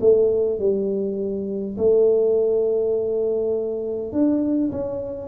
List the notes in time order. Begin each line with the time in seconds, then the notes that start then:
0.00 A3
0.59 G3
1.78 A3
4.12 D4
4.72 C#4